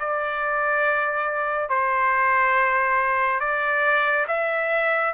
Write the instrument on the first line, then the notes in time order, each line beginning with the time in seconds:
trumpet
0.00 D5
1.70 C5
3.41 D5
4.28 E5